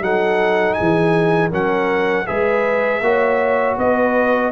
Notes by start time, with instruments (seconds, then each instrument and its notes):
0.00 tuba F#3, trombone D#4, horn A4, trumpet F#5
0.74 horn G#4, trumpet G#5
0.80 tuba E3
1.50 tuba F#3, trombone C#4, horn A#4, trumpet F#5
2.26 tuba G#3, trombone G#4, horn B4, trumpet E5
3.01 tuba A#3, trombone F#4, horn C#5
3.77 tuba B3, horn B4, trumpet D#5